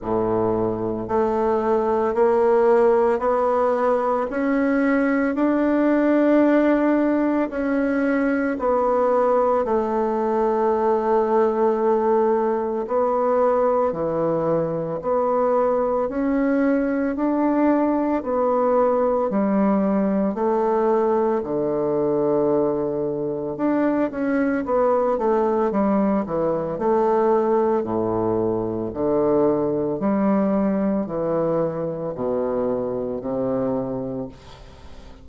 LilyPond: \new Staff \with { instrumentName = "bassoon" } { \time 4/4 \tempo 4 = 56 a,4 a4 ais4 b4 | cis'4 d'2 cis'4 | b4 a2. | b4 e4 b4 cis'4 |
d'4 b4 g4 a4 | d2 d'8 cis'8 b8 a8 | g8 e8 a4 a,4 d4 | g4 e4 b,4 c4 | }